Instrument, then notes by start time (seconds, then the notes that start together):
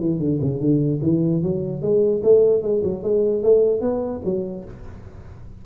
tuba
0.00 E3
0.19 D3
0.41 C#3
0.60 D3
1.02 E3
1.43 F#3
1.82 G#3
2.23 A3
2.62 G#3
2.84 F#3
3.03 G#3
3.43 A3
3.81 B3
4.24 F#3